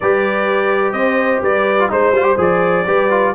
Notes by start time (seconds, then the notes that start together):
0.00 G3 G4 B4 D5
0.92 C4 C5 D#5
1.42 G3 B4 D5
1.79 F4
1.89 G#3 D#4 C5
2.12 G3 F4
2.23 G4
2.37 F3 G#4 D5
2.85 G3 G4 B4
3.10 F4